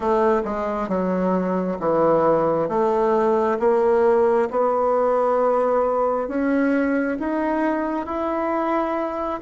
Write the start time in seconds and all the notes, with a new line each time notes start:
0.00 A3
0.45 G#3
0.88 F#3
1.79 E3
2.69 A3
3.59 A#3
4.50 B3
6.28 C#4
7.19 D#4
8.06 E4